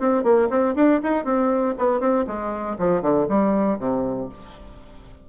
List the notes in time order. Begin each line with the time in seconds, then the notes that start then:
0.00 C4
0.24 A#3
0.50 C4
0.76 D4
1.03 D#4
1.25 C4
1.78 B3
2.00 C4
2.27 G#3
2.79 F3
3.02 D3
3.29 G3
3.79 C3